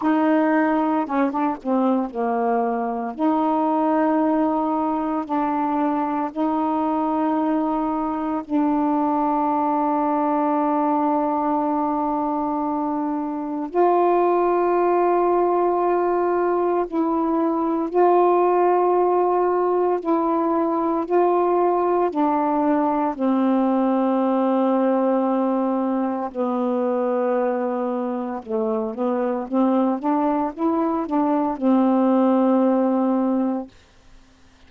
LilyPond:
\new Staff \with { instrumentName = "saxophone" } { \time 4/4 \tempo 4 = 57 dis'4 cis'16 d'16 c'8 ais4 dis'4~ | dis'4 d'4 dis'2 | d'1~ | d'4 f'2. |
e'4 f'2 e'4 | f'4 d'4 c'2~ | c'4 b2 a8 b8 | c'8 d'8 e'8 d'8 c'2 | }